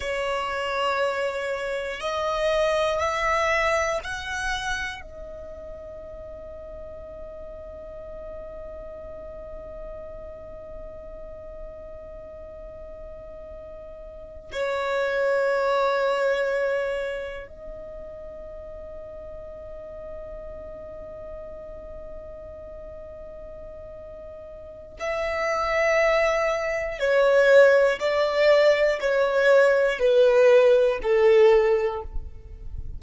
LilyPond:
\new Staff \with { instrumentName = "violin" } { \time 4/4 \tempo 4 = 60 cis''2 dis''4 e''4 | fis''4 dis''2.~ | dis''1~ | dis''2~ dis''8 cis''4.~ |
cis''4. dis''2~ dis''8~ | dis''1~ | dis''4 e''2 cis''4 | d''4 cis''4 b'4 a'4 | }